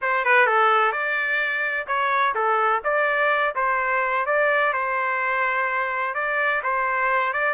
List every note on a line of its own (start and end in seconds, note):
0.01 0.24 C5
0.24 0.46 B4
0.46 0.91 A4
0.91 1.86 D5
1.87 2.34 C#5
2.35 2.82 A4
2.83 3.54 D5
3.55 4.26 C5
4.26 4.73 D5
4.73 6.14 C5
6.14 6.61 D5
6.63 7.33 C5
7.33 7.54 D5